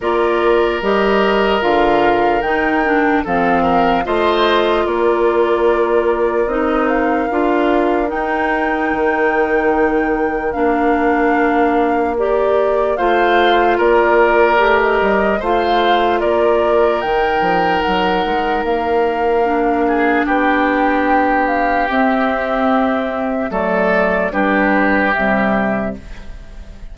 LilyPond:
<<
  \new Staff \with { instrumentName = "flute" } { \time 4/4 \tempo 4 = 74 d''4 dis''4 f''4 g''4 | f''4 dis''4 d''2 | dis''8 f''4. g''2~ | g''4 f''2 d''4 |
f''4 d''4~ d''16 dis''8. f''4 | d''4 g''4 fis''4 f''4~ | f''4 g''4. f''8 e''4~ | e''4 d''4 b'4 e''4 | }
  \new Staff \with { instrumentName = "oboe" } { \time 4/4 ais'1 | a'8 ais'8 c''4 ais'2~ | ais'1~ | ais'1 |
c''4 ais'2 c''4 | ais'1~ | ais'8 gis'8 g'2.~ | g'4 a'4 g'2 | }
  \new Staff \with { instrumentName = "clarinet" } { \time 4/4 f'4 g'4 f'4 dis'8 d'8 | c'4 f'2. | dis'4 f'4 dis'2~ | dis'4 d'2 g'4 |
f'2 g'4 f'4~ | f'4 dis'2. | d'2. c'4~ | c'4 a4 d'4 g4 | }
  \new Staff \with { instrumentName = "bassoon" } { \time 4/4 ais4 g4 d4 dis4 | f4 a4 ais2 | c'4 d'4 dis'4 dis4~ | dis4 ais2. |
a4 ais4 a8 g8 a4 | ais4 dis8 f8 fis8 gis8 ais4~ | ais4 b2 c'4~ | c'4 fis4 g4 c4 | }
>>